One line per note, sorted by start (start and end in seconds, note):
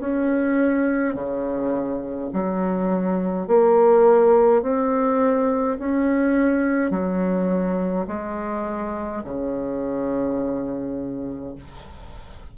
0.00 1.15 C#4
1.15 2.30 C#3
2.33 3.48 F#3
3.48 4.63 A#3
4.63 5.78 C4
5.80 6.91 C#4
6.91 8.06 F#3
8.08 9.23 G#3
9.25 11.55 C#3